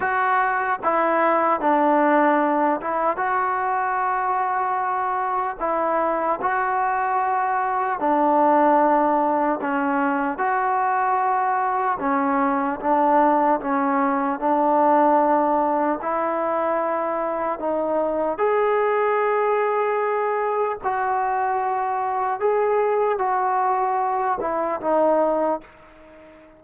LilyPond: \new Staff \with { instrumentName = "trombone" } { \time 4/4 \tempo 4 = 75 fis'4 e'4 d'4. e'8 | fis'2. e'4 | fis'2 d'2 | cis'4 fis'2 cis'4 |
d'4 cis'4 d'2 | e'2 dis'4 gis'4~ | gis'2 fis'2 | gis'4 fis'4. e'8 dis'4 | }